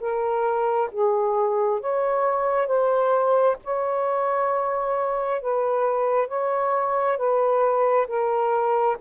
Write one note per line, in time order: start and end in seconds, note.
0.00 0.90 A#4
0.91 1.80 G#4
1.80 2.67 C#5
2.67 3.56 C5
3.64 5.41 C#5
5.41 6.28 B4
6.28 7.17 C#5
7.17 8.07 B4
8.07 8.97 A#4